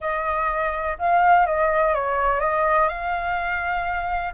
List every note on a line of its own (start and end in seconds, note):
0.00 0.97 D#5
0.98 1.46 F5
1.46 1.94 D#5
1.94 2.40 C#5
2.40 2.88 D#5
2.88 4.33 F5